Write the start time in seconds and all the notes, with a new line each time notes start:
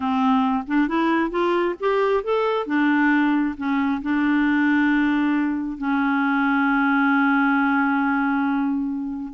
0.00 C4
0.67 D4
0.87 E4
1.30 F4
1.80 G4
2.23 A4
2.66 D4
3.57 C#4
4.02 D4
5.77 C#4